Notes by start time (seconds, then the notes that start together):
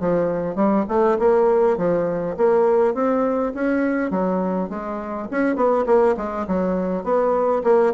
0.00 F3
0.56 G3
0.89 A3
1.19 A#3
1.78 F3
2.37 A#3
2.94 C4
3.55 C#4
4.11 F#3
4.70 G#3
5.31 C#4
5.56 B3
5.87 A#3
6.17 G#3
6.48 F#3
7.04 B3
7.64 A#3